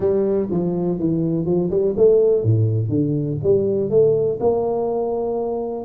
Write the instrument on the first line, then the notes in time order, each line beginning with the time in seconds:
tuba
0.00 G3
0.50 F3
0.99 E3
1.45 F3
1.70 G3
1.96 A3
2.43 A2
2.88 D3
3.43 G3
3.90 A3
4.39 A#3